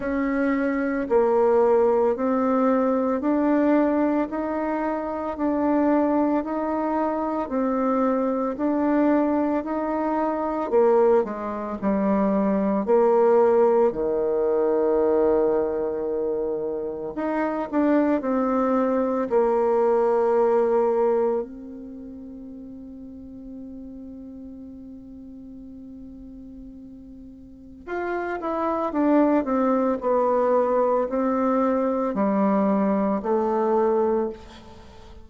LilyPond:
\new Staff \with { instrumentName = "bassoon" } { \time 4/4 \tempo 4 = 56 cis'4 ais4 c'4 d'4 | dis'4 d'4 dis'4 c'4 | d'4 dis'4 ais8 gis8 g4 | ais4 dis2. |
dis'8 d'8 c'4 ais2 | c'1~ | c'2 f'8 e'8 d'8 c'8 | b4 c'4 g4 a4 | }